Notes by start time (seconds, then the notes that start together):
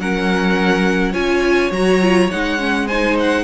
0.00 F#3 C#4 A#4 F#5
1.12 C#4 F4 C#5 G#5
1.71 F#3 F#4 A#5
2.02 F4
2.31 G#3 D#4 F#5
2.59 C#4
2.87 D#4 C5 G#5
3.20 F#5